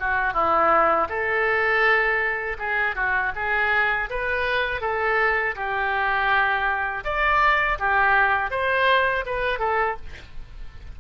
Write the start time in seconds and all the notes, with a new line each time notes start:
0.00 F#4
0.34 E4
1.09 A4
2.59 G#4
2.96 F#4
3.36 G#4
4.10 B4
4.81 A4
5.56 G4
7.04 D5
7.79 G4
8.51 C5
9.26 B4
9.59 A4